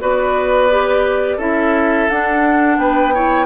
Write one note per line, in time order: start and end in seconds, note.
0.00 1.38 B3
0.00 0.70 F#4
0.00 1.37 B4
0.00 1.40 D5
0.71 1.40 G4
1.37 2.08 C#4
1.37 2.10 E4
1.37 2.77 A4
1.37 2.10 E5
2.10 3.15 D4
2.10 2.78 D4
2.10 2.79 F#5
2.78 3.46 B3
2.78 3.15 B4
2.78 3.46 G5
3.15 3.46 E4
3.15 3.46 C#5